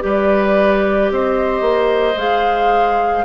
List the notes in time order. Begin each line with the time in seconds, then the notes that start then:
0.00 G3 G4 B4 D5
1.11 C4 C5 D#5
1.61 A#3
2.17 G#3 G#4 F5